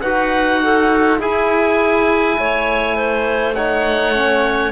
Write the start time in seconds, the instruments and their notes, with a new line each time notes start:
0.00 cello D#4, trombone F#4, clarinet B4, oboe F#5
0.63 clarinet A4
1.19 trombone E4, cello E4, clarinet G#4, oboe G#5
2.37 cello A3, clarinet C#5
2.96 clarinet C5
3.54 trombone D#4, clarinet C#5, oboe F#5
4.14 trombone C#4